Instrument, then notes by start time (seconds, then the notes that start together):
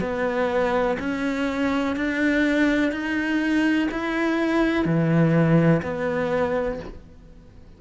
cello
0.00 B3
0.99 C#4
1.96 D4
2.91 D#4
3.91 E4
4.85 E3
5.82 B3